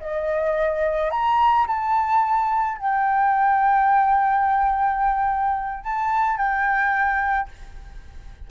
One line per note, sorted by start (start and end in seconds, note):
0.00 1.11 D#5
1.11 1.66 A#5
1.67 2.78 A5
2.78 5.83 G5
5.83 6.37 A5
6.37 7.48 G5